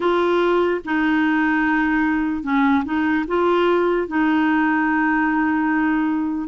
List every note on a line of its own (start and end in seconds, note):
0.00 0.80 F4
0.84 2.43 D#4
2.43 2.83 C#4
2.85 3.25 D#4
3.27 4.07 F4
4.07 6.48 D#4